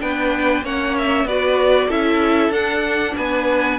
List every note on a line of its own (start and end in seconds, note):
0.00 0.62 B3
0.00 0.63 D4
0.00 0.64 B4
0.00 0.64 G5
0.62 1.24 A#3
0.62 1.27 C#4
0.62 1.27 C#5
0.62 0.97 F#5
0.98 1.27 E5
1.24 1.87 B3
1.24 1.89 F#4
1.24 1.88 B4
1.24 1.90 D5
1.88 2.49 C#4
1.88 2.53 E4
1.88 3.14 A4
1.88 2.52 E5
2.49 3.12 D4
2.49 3.79 D4
2.49 3.15 F#5
3.17 3.79 B3
3.17 3.79 B4
3.17 3.79 G#5